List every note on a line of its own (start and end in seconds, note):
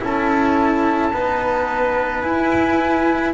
0.00 1.13 C#4
0.00 1.11 E4
0.00 1.14 A4
0.00 2.22 A5
1.14 2.23 B3
1.14 2.24 D#4
1.14 3.34 B4
2.22 3.34 E4
2.22 3.33 G#5